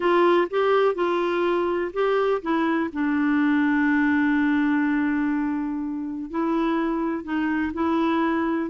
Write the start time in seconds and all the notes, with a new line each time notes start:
0.00 F4
0.50 G4
0.95 F4
1.93 G4
2.41 E4
2.93 D4
6.30 E4
7.24 D#4
7.73 E4